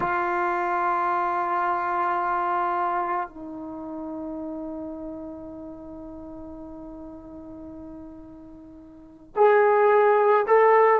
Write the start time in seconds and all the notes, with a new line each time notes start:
0.00 F4
3.29 D#4
9.36 G#4
10.47 A4